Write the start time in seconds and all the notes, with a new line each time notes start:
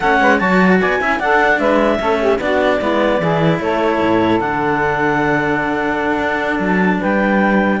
0.00 A3 C#4 A4 F#5
0.21 G#3 B4
0.38 F#3 F#4 C#5 A5
0.80 B3 D5 G#5
1.00 C#4 E4 E5
1.19 D4 A4 F#5
1.59 G#3 B4 E5
1.99 A3 C#4 A4
2.19 G4
2.38 B3 D4 F#4 D5
2.79 G#3 B3 E4
3.19 E3 E4 G#4
3.59 A3 A4 C#5
4.01 A2
4.39 D3 D4 F#5
6.18 D4
6.59 F#3 A5
7.00 G3 B4 G5